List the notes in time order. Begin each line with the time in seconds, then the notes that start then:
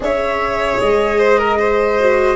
0.00 C#4 G#4 C#5 E5
0.79 G#3 D#5
1.18 C5
1.38 A#4
1.58 C5
1.99 F#4